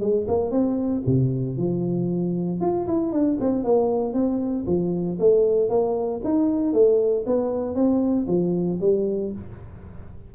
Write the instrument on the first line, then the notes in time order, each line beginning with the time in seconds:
tuba
0.00 G#3
0.28 A#3
0.51 C4
1.06 C3
1.57 F3
2.60 F4
2.87 E4
3.12 D4
3.40 C4
3.63 A#3
4.13 C4
4.66 F3
5.19 A3
5.69 A#3
6.24 D#4
6.73 A3
7.26 B3
7.75 C4
8.27 F3
8.80 G3